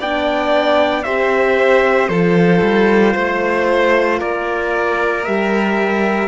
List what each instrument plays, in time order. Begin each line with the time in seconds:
0.00 cello B3, horn D4, violin D5, trumpet G5
1.03 cello C4, horn G4, violin C5, trumpet E5
2.09 cello F3, horn F4, violin A4, trumpet C5
2.62 cello G3
3.14 cello A3, violin C5
4.19 cello A#3, violin A#4, trumpet D5
5.25 cello G3, horn G4, trumpet E5